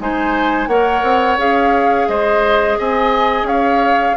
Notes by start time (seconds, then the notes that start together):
0.00 G#3 D#4 C5 G#5
0.68 A#3 A#4 C#5 F#5
1.03 C4
1.38 C#4 G#4 F5
2.09 G#3 C5 D#5
2.79 C4 D#5 G#5
3.43 C#4 C#5 F5